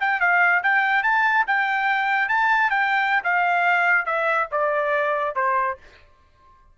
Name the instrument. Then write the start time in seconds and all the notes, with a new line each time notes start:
trumpet
0.00 G5
0.20 F5
0.63 G5
1.03 A5
1.47 G5
2.28 A5
2.70 G5
3.24 F5
4.05 E5
4.51 D5
5.35 C5